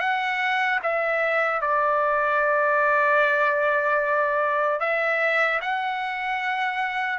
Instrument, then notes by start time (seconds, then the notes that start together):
trumpet
0.00 F#5
0.83 E5
1.61 D5
4.80 E5
5.61 F#5